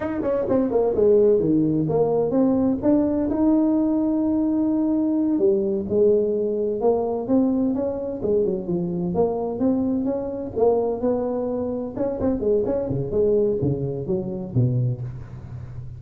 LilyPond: \new Staff \with { instrumentName = "tuba" } { \time 4/4 \tempo 4 = 128 dis'8 cis'8 c'8 ais8 gis4 dis4 | ais4 c'4 d'4 dis'4~ | dis'2.~ dis'8 g8~ | g8 gis2 ais4 c'8~ |
c'8 cis'4 gis8 fis8 f4 ais8~ | ais8 c'4 cis'4 ais4 b8~ | b4. cis'8 c'8 gis8 cis'8 cis8 | gis4 cis4 fis4 b,4 | }